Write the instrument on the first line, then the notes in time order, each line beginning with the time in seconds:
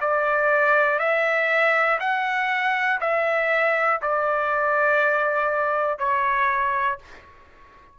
trumpet
0.00 D5
0.99 E5
2.00 F#5
3.00 E5
4.02 D5
5.99 C#5